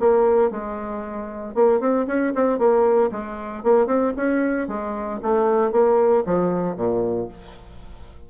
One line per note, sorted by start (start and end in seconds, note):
0.00 0.51 A#3
0.51 1.55 G#3
1.55 1.80 A#3
1.80 2.06 C4
2.07 2.33 C#4
2.35 2.59 C4
2.59 3.11 A#3
3.12 3.64 G#3
3.64 3.87 A#3
3.87 4.13 C4
4.17 4.68 C#4
4.68 5.20 G#3
5.23 5.72 A3
5.72 6.24 A#3
6.26 6.76 F3
6.76 7.29 A#2